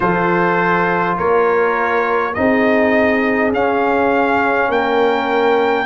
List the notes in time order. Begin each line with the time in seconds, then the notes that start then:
0.00 F3 F4 A4 C5
1.16 A#3 A#4 C#5
2.34 C4 D#4 G#4 D#5
3.52 C#4 F5
4.69 A#3 A#4 G5